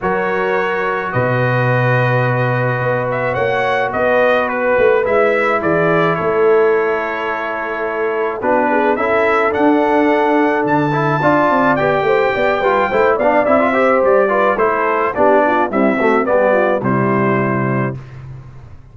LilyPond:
<<
  \new Staff \with { instrumentName = "trumpet" } { \time 4/4 \tempo 4 = 107 cis''2 dis''2~ | dis''4. e''8 fis''4 dis''4 | b'4 e''4 d''4 cis''4~ | cis''2. b'4 |
e''4 fis''2 a''4~ | a''4 g''2~ g''8 f''8 | e''4 d''4 c''4 d''4 | e''4 d''4 c''2 | }
  \new Staff \with { instrumentName = "horn" } { \time 4/4 ais'2 b'2~ | b'2 cis''4 b'4~ | b'2 gis'4 a'4~ | a'2. fis'8 gis'8 |
a'1 | d''4. c''8 d''8 b'8 c''8 d''8~ | d''8 c''4 b'8 a'4 g'8 f'8 | e'8 fis'8 g'8 f'8 e'2 | }
  \new Staff \with { instrumentName = "trombone" } { \time 4/4 fis'1~ | fis'1~ | fis'4 e'2.~ | e'2. d'4 |
e'4 d'2~ d'8 e'8 | f'4 g'4. f'8 e'8 d'8 | e'16 f'16 g'4 f'8 e'4 d'4 | g8 a8 b4 g2 | }
  \new Staff \with { instrumentName = "tuba" } { \time 4/4 fis2 b,2~ | b,4 b4 ais4 b4~ | b8 a8 gis4 e4 a4~ | a2. b4 |
cis'4 d'2 d4 | d'8 c'8 b8 a8 b8 g8 a8 b8 | c'4 g4 a4 b4 | c'4 g4 c2 | }
>>